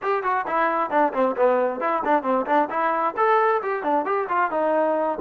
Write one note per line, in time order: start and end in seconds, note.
0.02 0.23 G4
0.23 0.45 F#4
0.47 0.90 E4
0.90 1.13 D4
1.13 1.35 C4
1.36 1.80 B3
1.80 2.02 E4
2.04 2.22 D4
2.22 2.45 C4
2.46 2.68 D4
2.69 3.15 E4
3.16 3.61 A4
3.62 3.83 G4
3.83 4.05 D4
4.05 4.27 G4
4.29 4.51 F4
4.51 5.18 D#4